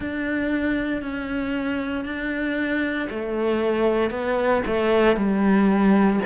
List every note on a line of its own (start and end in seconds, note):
0.00 1.02 D4
1.02 2.05 C#4
2.05 3.08 D4
3.10 4.10 A3
4.10 4.62 B3
4.66 5.16 A3
5.16 6.19 G3